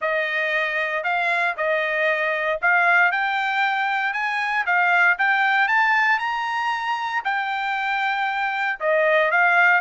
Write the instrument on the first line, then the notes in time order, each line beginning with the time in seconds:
trumpet
0.01 D#5
1.03 F5
1.56 D#5
2.61 F5
3.11 G5
4.13 G#5
4.66 F5
5.18 G5
5.68 A5
6.19 A#5
7.24 G5
8.80 D#5
9.31 F5